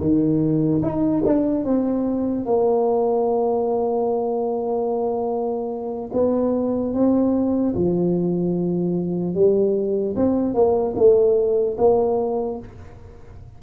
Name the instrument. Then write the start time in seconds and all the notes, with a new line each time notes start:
tuba
0.00 D#3
0.82 D#4
1.25 D4
1.64 C4
2.45 A#3
6.13 B3
6.93 C4
7.75 F3
9.34 G3
10.16 C4
10.54 A#3
10.96 A3
11.78 A#3